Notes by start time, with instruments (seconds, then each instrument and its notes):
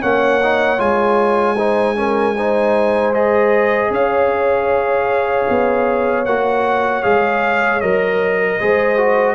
0.00 tuba A#3, trombone C#4, horn C#5, trumpet F#5
0.43 trombone D#4
0.78 tuba G#3, trombone F4, trumpet G#5
1.57 trombone D#4, horn C5
1.96 trombone C#4, horn A#4
2.36 trombone D#4, horn C5
3.14 trombone G#4, trumpet D#5
3.90 tuba C#4, horn C#5, trumpet F5
5.49 tuba B3
6.25 tuba A#3, trombone F#4, trumpet F#5
7.03 tuba G#3, trombone G#4, trumpet F5
7.81 tuba F#3, trombone A#4, trumpet D#5
8.59 tuba G#3, trombone G#4, horn C5
8.97 trombone F#4